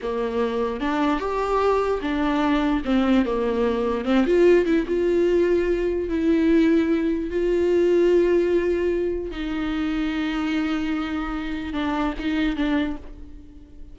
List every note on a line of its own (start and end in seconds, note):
0.02 0.80 A#3
0.80 1.19 D4
1.19 2.00 G4
2.01 2.82 D4
2.84 3.25 C4
3.25 4.04 A#3
4.04 4.25 C4
4.26 4.65 F4
4.65 4.85 E4
4.87 6.08 F4
6.08 7.30 E4
7.30 9.31 F4
9.31 11.73 D#4
11.73 12.13 D4
12.19 12.56 D#4
12.56 12.96 D4